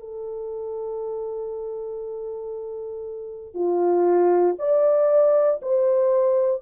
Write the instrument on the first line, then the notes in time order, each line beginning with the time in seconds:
horn
0.00 A4
3.55 F4
4.59 D5
5.62 C5